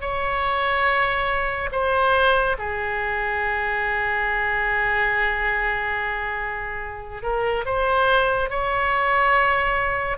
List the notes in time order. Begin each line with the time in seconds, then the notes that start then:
0.00 C#5
1.72 C5
2.58 G#4
7.22 A#4
7.65 C5
8.49 C#5